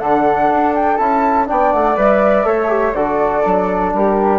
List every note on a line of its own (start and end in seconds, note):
0.00 0.50 D3
0.00 0.98 D4
0.00 1.49 A4
0.00 0.74 F#5
0.51 1.00 D4
0.75 0.97 G5
0.97 1.49 C#4
0.97 1.47 E4
0.97 1.47 A5
1.47 1.74 B3
1.47 1.96 D4
1.47 2.47 D5
1.47 1.73 G5
1.73 1.97 A3
1.73 1.97 F#5
1.96 2.45 G3
1.96 2.44 B4
1.96 2.94 E5
2.44 2.94 A3
2.44 2.68 A4
2.44 2.96 C#5
2.68 2.93 G4
2.94 3.43 D3
2.94 3.44 F#4
2.94 3.95 A4
2.94 3.92 D5
3.44 3.94 F#3
3.44 4.39 D4
3.94 4.39 G3
3.94 4.39 G4
3.94 4.39 A#4